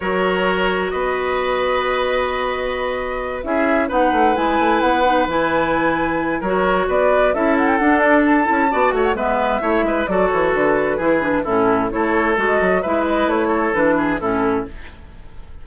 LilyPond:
<<
  \new Staff \with { instrumentName = "flute" } { \time 4/4 \tempo 4 = 131 cis''2 dis''2~ | dis''2.~ dis''8 e''8~ | e''8 fis''4 gis''4 fis''4 gis''8~ | gis''2 cis''4 d''4 |
e''8 fis''16 g''16 fis''8 d''8 a''4. fis'16 fis''16 | e''2 d''8 cis''8 b'4~ | b'4 a'4 cis''4 dis''4 | e''8 dis''8 cis''4 b'4 a'4 | }
  \new Staff \with { instrumentName = "oboe" } { \time 4/4 ais'2 b'2~ | b'2.~ b'8 gis'8~ | gis'8 b'2.~ b'8~ | b'2 ais'4 b'4 |
a'2. d''8 cis''8 | b'4 cis''8 b'8 a'2 | gis'4 e'4 a'2 | b'4. a'4 gis'8 e'4 | }
  \new Staff \with { instrumentName = "clarinet" } { \time 4/4 fis'1~ | fis'2.~ fis'8 e'8~ | e'8 dis'4 e'4. dis'8 e'8~ | e'2 fis'2 |
e'4 d'4. e'8 fis'4 | b4 e'4 fis'2 | e'8 d'8 cis'4 e'4 fis'4 | e'2 d'4 cis'4 | }
  \new Staff \with { instrumentName = "bassoon" } { \time 4/4 fis2 b2~ | b2.~ b8 cis'8~ | cis'8 b8 a8 gis8 a8 b4 e8~ | e2 fis4 b4 |
cis'4 d'4. cis'8 b8 a8 | gis4 a8 gis8 fis8 e8 d4 | e4 a,4 a4 gis8 fis8 | gis4 a4 e4 a,4 | }
>>